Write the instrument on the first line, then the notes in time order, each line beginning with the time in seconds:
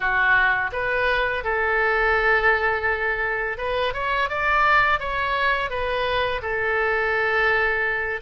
oboe
0.00 F#4
0.72 B4
1.44 A4
3.57 B4
3.93 C#5
4.29 D5
4.99 C#5
5.69 B4
6.42 A4